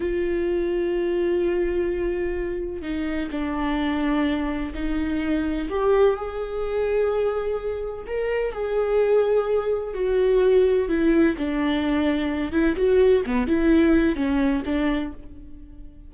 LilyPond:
\new Staff \with { instrumentName = "viola" } { \time 4/4 \tempo 4 = 127 f'1~ | f'2 dis'4 d'4~ | d'2 dis'2 | g'4 gis'2.~ |
gis'4 ais'4 gis'2~ | gis'4 fis'2 e'4 | d'2~ d'8 e'8 fis'4 | b8 e'4. cis'4 d'4 | }